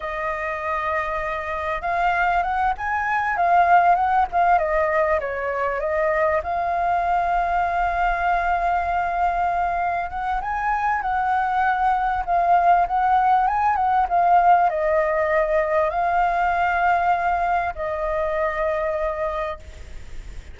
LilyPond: \new Staff \with { instrumentName = "flute" } { \time 4/4 \tempo 4 = 98 dis''2. f''4 | fis''8 gis''4 f''4 fis''8 f''8 dis''8~ | dis''8 cis''4 dis''4 f''4.~ | f''1~ |
f''8 fis''8 gis''4 fis''2 | f''4 fis''4 gis''8 fis''8 f''4 | dis''2 f''2~ | f''4 dis''2. | }